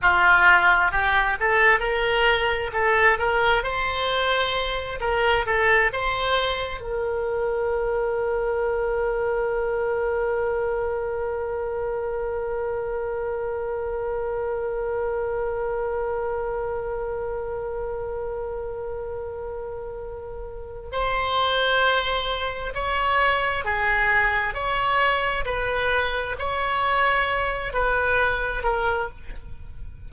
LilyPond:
\new Staff \with { instrumentName = "oboe" } { \time 4/4 \tempo 4 = 66 f'4 g'8 a'8 ais'4 a'8 ais'8 | c''4. ais'8 a'8 c''4 ais'8~ | ais'1~ | ais'1~ |
ais'1~ | ais'2. c''4~ | c''4 cis''4 gis'4 cis''4 | b'4 cis''4. b'4 ais'8 | }